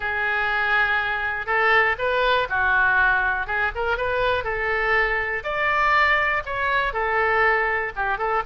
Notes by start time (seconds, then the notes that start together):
0.00 G#4
1.46 A4
1.98 B4
2.49 F#4
3.47 G#4
3.75 A#4
3.97 B4
4.44 A4
5.43 D5
6.45 C#5
6.93 A4
7.96 G4
8.18 A4